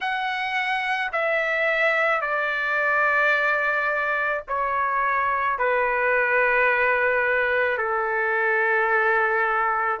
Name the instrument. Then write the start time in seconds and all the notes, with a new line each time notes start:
trumpet
0.00 F#5
1.12 E5
2.21 D5
4.47 C#5
5.58 B4
7.77 A4